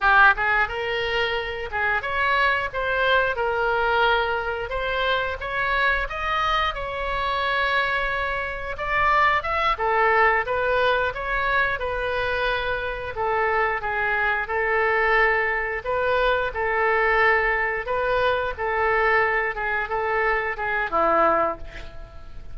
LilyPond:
\new Staff \with { instrumentName = "oboe" } { \time 4/4 \tempo 4 = 89 g'8 gis'8 ais'4. gis'8 cis''4 | c''4 ais'2 c''4 | cis''4 dis''4 cis''2~ | cis''4 d''4 e''8 a'4 b'8~ |
b'8 cis''4 b'2 a'8~ | a'8 gis'4 a'2 b'8~ | b'8 a'2 b'4 a'8~ | a'4 gis'8 a'4 gis'8 e'4 | }